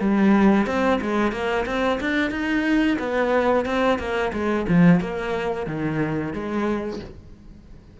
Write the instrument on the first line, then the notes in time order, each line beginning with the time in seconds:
cello
0.00 G3
0.66 C4
1.02 G#3
1.32 A#3
1.66 C4
2.00 D4
2.31 D#4
2.99 B3
3.65 C4
3.99 A#3
4.33 G#3
4.68 F3
5.00 A#3
5.66 D#3
6.33 G#3